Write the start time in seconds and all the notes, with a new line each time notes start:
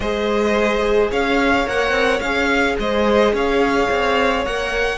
0.00 G#3 G#4 C5 D#5
1.10 C#4 C#5 F5
1.65 A#3 A#4 F#5
1.90 C4
2.20 C#4 G#4 F5
2.78 G#3 C5 D#5
3.33 C#4 C#5 F5
3.90 C4
4.44 A#3 A#4 F#5